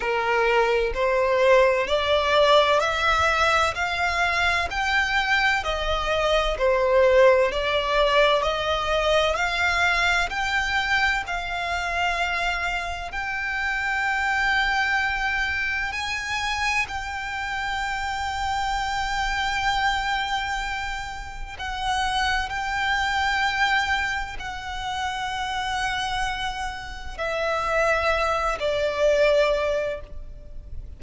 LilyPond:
\new Staff \with { instrumentName = "violin" } { \time 4/4 \tempo 4 = 64 ais'4 c''4 d''4 e''4 | f''4 g''4 dis''4 c''4 | d''4 dis''4 f''4 g''4 | f''2 g''2~ |
g''4 gis''4 g''2~ | g''2. fis''4 | g''2 fis''2~ | fis''4 e''4. d''4. | }